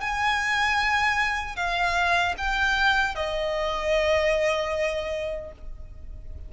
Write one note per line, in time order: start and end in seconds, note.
0.00 1.55 G#5
1.55 2.34 F5
2.37 3.15 G5
3.15 5.52 D#5